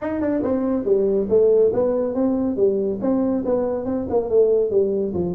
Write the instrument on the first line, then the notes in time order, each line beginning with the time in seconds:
tuba
0.01 D#4
0.20 D4
0.42 C4
0.84 G3
1.29 A3
1.73 B3
2.14 C4
2.56 G3
3.01 C4
3.45 B3
3.85 C4
4.09 A#3
4.29 A3
4.70 G3
5.13 F3